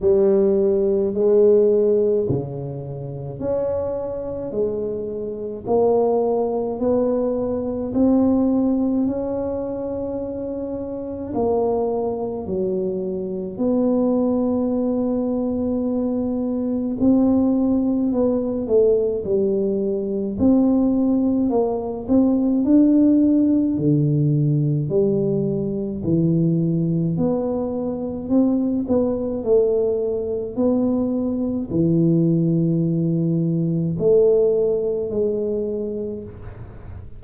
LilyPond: \new Staff \with { instrumentName = "tuba" } { \time 4/4 \tempo 4 = 53 g4 gis4 cis4 cis'4 | gis4 ais4 b4 c'4 | cis'2 ais4 fis4 | b2. c'4 |
b8 a8 g4 c'4 ais8 c'8 | d'4 d4 g4 e4 | b4 c'8 b8 a4 b4 | e2 a4 gis4 | }